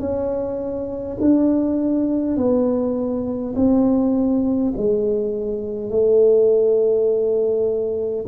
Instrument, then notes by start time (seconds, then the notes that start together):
tuba
0.00 C#4
1.21 D4
2.37 B3
3.56 C4
4.77 G#3
5.90 A3